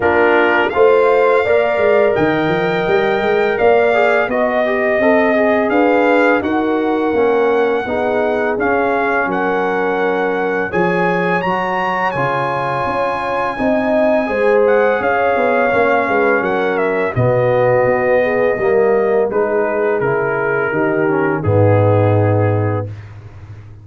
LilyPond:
<<
  \new Staff \with { instrumentName = "trumpet" } { \time 4/4 \tempo 4 = 84 ais'4 f''2 g''4~ | g''4 f''4 dis''2 | f''4 fis''2. | f''4 fis''2 gis''4 |
ais''4 gis''2.~ | gis''8 fis''8 f''2 fis''8 e''8 | dis''2. b'4 | ais'2 gis'2 | }
  \new Staff \with { instrumentName = "horn" } { \time 4/4 f'4 c''4 d''4 dis''4~ | dis''4 d''4 dis''2 | b'4 ais'2 gis'4~ | gis'4 ais'2 cis''4~ |
cis''2. dis''4 | c''4 cis''4. b'8 ais'4 | fis'4. gis'8 ais'4 gis'4~ | gis'4 g'4 dis'2 | }
  \new Staff \with { instrumentName = "trombone" } { \time 4/4 d'4 f'4 ais'2~ | ais'4. gis'8 fis'8 g'8 a'8 gis'8~ | gis'4 fis'4 cis'4 dis'4 | cis'2. gis'4 |
fis'4 f'2 dis'4 | gis'2 cis'2 | b2 ais4 dis'4 | e'4 dis'8 cis'8 b2 | }
  \new Staff \with { instrumentName = "tuba" } { \time 4/4 ais4 a4 ais8 gis8 dis8 f8 | g8 gis8 ais4 b4 c'4 | d'4 dis'4 ais4 b4 | cis'4 fis2 f4 |
fis4 cis4 cis'4 c'4 | gis4 cis'8 b8 ais8 gis8 fis4 | b,4 b4 g4 gis4 | cis4 dis4 gis,2 | }
>>